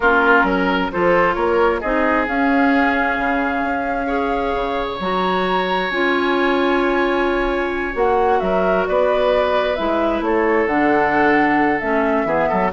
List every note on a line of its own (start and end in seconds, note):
0.00 0.43 A#3
0.00 0.92 C#4
0.00 0.46 F4
0.00 0.90 A#4
0.43 0.88 F#3
0.43 0.91 A#4
0.91 1.35 F3
0.91 1.82 F4
0.91 1.35 A4
0.91 1.34 C5
1.34 1.81 A#3
1.34 1.80 A#4
1.34 1.79 C#5
1.80 2.28 C4
1.80 2.26 D#4
1.80 4.06 G#4
1.80 2.25 D#5
2.26 4.06 C#4
2.26 3.18 C#4
2.26 4.86 F5
3.18 3.63 C#3
3.63 4.54 C#4
4.06 4.97 G#4
4.06 8.38 C#5
4.54 4.99 C#3
4.86 4.98 C#5
4.99 5.90 F#3
4.99 5.91 F#4
4.99 5.90 A#5
5.90 7.94 C#4
5.90 7.93 F4
5.90 7.95 G#5
7.93 8.40 A#3
7.93 9.74 F#4
7.93 8.39 F#5
8.39 8.86 F#3
8.39 8.88 A#4
8.39 8.84 E5
8.86 9.79 B3
8.86 10.24 B4
8.86 9.75 D5
9.75 10.20 G#3
9.75 10.68 E4
9.75 10.21 E5
10.20 10.66 A3
10.20 12.27 A4
10.20 10.67 C#5
10.66 11.80 D3
10.66 11.82 D4
10.66 11.79 F#5
11.79 12.24 A3
11.79 12.26 C#4
11.79 12.70 E5
12.24 12.47 E3
12.24 12.71 B3
12.24 12.48 G#4
12.48 12.72 F#3
12.48 12.71 A4